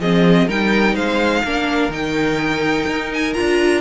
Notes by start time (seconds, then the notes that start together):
0.00 F3 C4 G#4 D#5
0.48 G3 D#4 A#4 G5
0.95 G#3 C5 F5
1.45 A#3 D4 A#4
1.89 D#3 D#4 G5
2.87 D#4
3.14 G#5
3.34 F4 A#5
3.40 D4